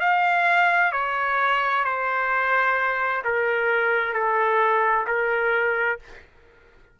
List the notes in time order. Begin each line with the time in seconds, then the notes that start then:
0.00 F5
0.92 C#5
1.84 C5
3.24 A#4
4.13 A4
5.07 A#4